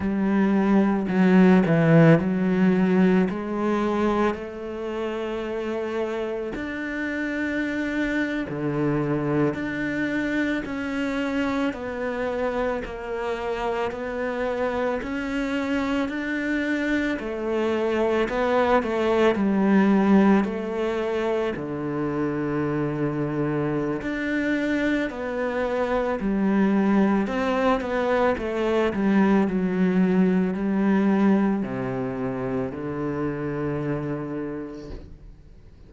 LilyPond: \new Staff \with { instrumentName = "cello" } { \time 4/4 \tempo 4 = 55 g4 fis8 e8 fis4 gis4 | a2 d'4.~ d'16 d16~ | d8. d'4 cis'4 b4 ais16~ | ais8. b4 cis'4 d'4 a16~ |
a8. b8 a8 g4 a4 d16~ | d2 d'4 b4 | g4 c'8 b8 a8 g8 fis4 | g4 c4 d2 | }